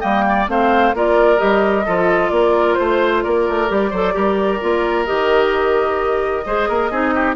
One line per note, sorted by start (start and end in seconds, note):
0.00 0.48 G3
0.00 0.46 A#3
0.00 0.23 D#5
0.00 0.46 G5
0.29 0.50 D5
0.48 0.93 A3
0.48 0.94 C4
0.48 0.95 C5
0.48 0.96 F5
0.93 1.39 A#3
0.93 1.37 F4
0.93 1.85 A#4
0.93 1.39 D5
1.37 1.87 G3
1.37 1.83 G4
1.37 2.30 D#5
1.85 2.31 F3
1.85 3.68 F4
1.85 2.31 A4
2.30 2.77 A#3
2.30 2.79 A#4
2.30 2.74 D5
2.74 3.25 A3
2.74 3.20 C5
2.74 3.24 C5
3.23 3.49 A#3
3.23 3.90 A#4
3.23 5.06 D5
3.49 3.71 A3
3.68 3.92 G3
3.68 3.91 G4
3.90 4.15 F#3
3.90 4.13 A4
3.90 4.13 C5
4.13 4.62 G3
4.13 4.59 G4
4.13 6.45 A#4
4.61 5.08 A#3
4.61 5.06 F4
5.06 6.46 D#3
5.06 6.43 G4
5.06 7.35 D#5
6.45 6.68 G#3
6.45 6.91 G#4
6.45 6.69 C5
6.69 6.91 A#3
6.69 6.91 A#4
6.91 7.36 C4
6.91 7.36 D#4
6.91 7.14 G#4
7.15 7.36 G4